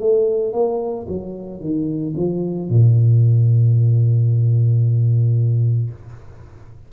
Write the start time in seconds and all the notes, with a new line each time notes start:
0.00 A3
0.53 A#3
1.09 F#3
1.61 D#3
2.16 F3
2.69 A#2